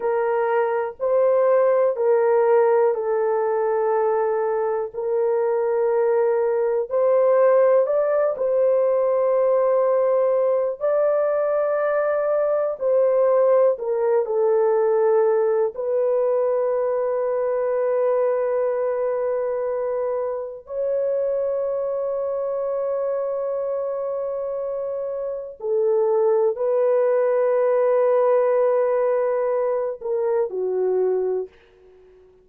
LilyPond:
\new Staff \with { instrumentName = "horn" } { \time 4/4 \tempo 4 = 61 ais'4 c''4 ais'4 a'4~ | a'4 ais'2 c''4 | d''8 c''2~ c''8 d''4~ | d''4 c''4 ais'8 a'4. |
b'1~ | b'4 cis''2.~ | cis''2 a'4 b'4~ | b'2~ b'8 ais'8 fis'4 | }